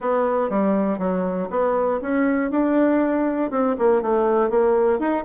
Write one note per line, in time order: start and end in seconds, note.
0.00 0.49 B3
0.49 0.98 G3
0.98 1.48 F#3
1.50 2.00 B3
2.01 2.50 C#4
2.50 3.50 D4
3.50 3.75 C4
3.78 4.01 A#3
4.01 4.50 A3
4.50 4.99 A#3
4.99 5.24 D#4